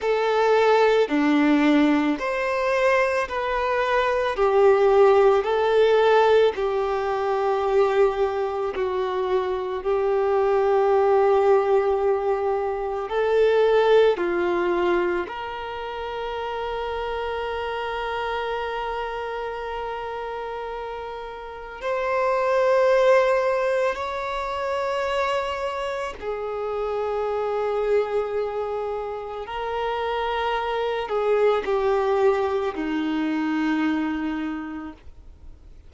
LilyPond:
\new Staff \with { instrumentName = "violin" } { \time 4/4 \tempo 4 = 55 a'4 d'4 c''4 b'4 | g'4 a'4 g'2 | fis'4 g'2. | a'4 f'4 ais'2~ |
ais'1 | c''2 cis''2 | gis'2. ais'4~ | ais'8 gis'8 g'4 dis'2 | }